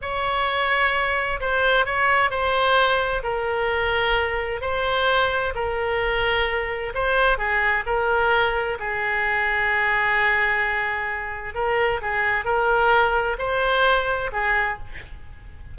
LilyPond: \new Staff \with { instrumentName = "oboe" } { \time 4/4 \tempo 4 = 130 cis''2. c''4 | cis''4 c''2 ais'4~ | ais'2 c''2 | ais'2. c''4 |
gis'4 ais'2 gis'4~ | gis'1~ | gis'4 ais'4 gis'4 ais'4~ | ais'4 c''2 gis'4 | }